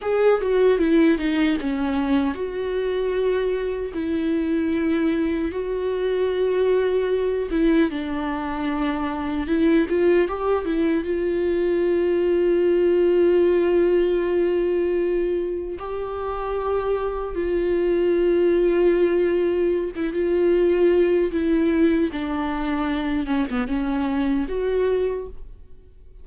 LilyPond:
\new Staff \with { instrumentName = "viola" } { \time 4/4 \tempo 4 = 76 gis'8 fis'8 e'8 dis'8 cis'4 fis'4~ | fis'4 e'2 fis'4~ | fis'4. e'8 d'2 | e'8 f'8 g'8 e'8 f'2~ |
f'1 | g'2 f'2~ | f'4~ f'16 e'16 f'4. e'4 | d'4. cis'16 b16 cis'4 fis'4 | }